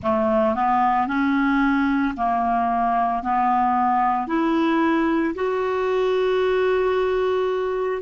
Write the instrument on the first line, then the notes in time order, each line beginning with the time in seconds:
clarinet
0.02 A3
0.55 B3
1.07 C#4
2.17 A#3
3.22 B3
4.27 E4
5.35 F#4